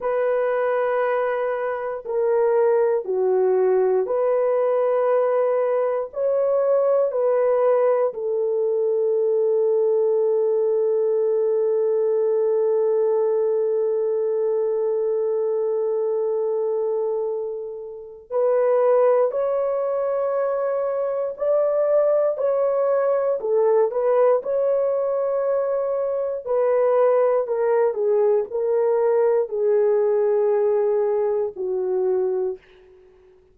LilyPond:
\new Staff \with { instrumentName = "horn" } { \time 4/4 \tempo 4 = 59 b'2 ais'4 fis'4 | b'2 cis''4 b'4 | a'1~ | a'1~ |
a'2 b'4 cis''4~ | cis''4 d''4 cis''4 a'8 b'8 | cis''2 b'4 ais'8 gis'8 | ais'4 gis'2 fis'4 | }